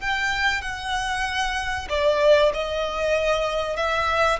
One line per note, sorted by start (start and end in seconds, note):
0.00 0.61 G5
0.61 1.88 F#5
1.89 2.52 D5
2.53 3.76 D#5
3.76 4.39 E5